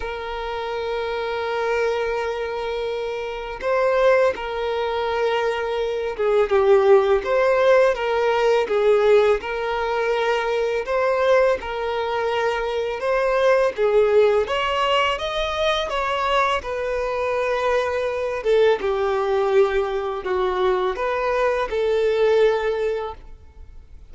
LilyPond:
\new Staff \with { instrumentName = "violin" } { \time 4/4 \tempo 4 = 83 ais'1~ | ais'4 c''4 ais'2~ | ais'8 gis'8 g'4 c''4 ais'4 | gis'4 ais'2 c''4 |
ais'2 c''4 gis'4 | cis''4 dis''4 cis''4 b'4~ | b'4. a'8 g'2 | fis'4 b'4 a'2 | }